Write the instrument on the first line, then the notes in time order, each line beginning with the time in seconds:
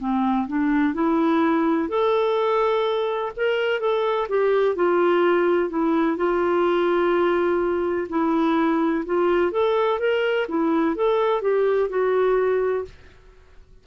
clarinet
0.00 C4
0.48 D4
0.94 E4
1.89 A4
3.36 A#4
3.80 A4
4.29 G4
4.76 F4
5.70 E4
6.17 F4
8.10 E4
9.06 F4
9.52 A4
9.99 A#4
10.48 E4
10.96 A4
11.42 G4
11.90 F#4